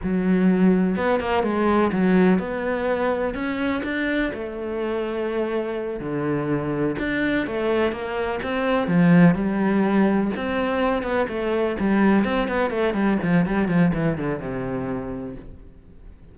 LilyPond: \new Staff \with { instrumentName = "cello" } { \time 4/4 \tempo 4 = 125 fis2 b8 ais8 gis4 | fis4 b2 cis'4 | d'4 a2.~ | a8 d2 d'4 a8~ |
a8 ais4 c'4 f4 g8~ | g4. c'4. b8 a8~ | a8 g4 c'8 b8 a8 g8 f8 | g8 f8 e8 d8 c2 | }